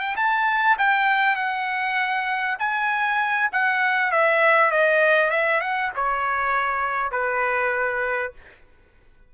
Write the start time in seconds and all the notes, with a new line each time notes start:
0.00 G5
0.16 A5
0.78 G5
1.36 F#5
2.59 G#5
3.52 F#5
4.11 E5
4.71 D#5
5.30 E5
5.60 F#5
5.95 C#5
7.11 B4